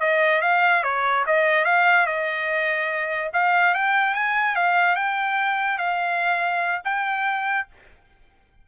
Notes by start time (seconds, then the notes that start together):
0.00 D#5
0.42 F5
0.83 C#5
1.26 D#5
1.65 F5
2.07 D#5
3.33 F5
3.74 G5
4.14 G#5
4.56 F5
4.95 G5
5.78 F5
6.84 G5